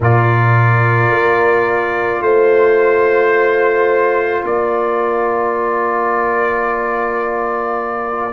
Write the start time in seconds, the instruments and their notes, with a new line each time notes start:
0.00 tuba A#2, trombone F4, horn A#4, trumpet D5
1.10 tuba A#3
2.20 tuba A3, trumpet C5, horn C5
4.44 tuba A#3, horn A#4, trumpet D5